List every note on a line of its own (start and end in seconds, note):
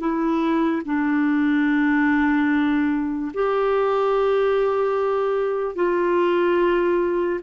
0.00 0.82 E4
0.86 3.32 D4
3.34 5.76 G4
5.76 7.40 F4